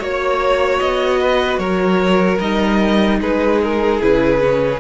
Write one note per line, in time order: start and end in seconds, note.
0.00 0.81 A#3
0.00 2.41 F#4
0.00 1.20 C#5
0.00 0.79 C#5
0.79 1.59 B3
0.79 1.59 D#5
1.21 1.60 B4
1.59 2.39 F#3
1.59 3.20 A#4
1.59 2.39 C#5
2.40 3.21 G3
2.40 4.01 D#4
2.40 3.20 D#5
3.21 4.01 G#3
3.21 4.80 G#4
3.21 3.62 B4
3.63 4.02 A#4
4.01 4.80 C#3
4.01 4.39 E4
4.01 4.80 B4
4.39 4.79 C#4